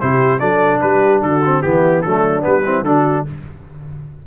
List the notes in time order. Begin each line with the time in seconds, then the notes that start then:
0.00 C3 E4 G4 C5
0.39 F#3 D4 A4 D5
0.81 G3 G4 B4
1.22 D3 F#4 A4
1.45 C4
1.62 E3 B3 E4 G4
2.02 F#3 A3 D4 A4
2.41 G3 B3 B4
2.64 C4 E4
2.82 D3 D4 F#4 A4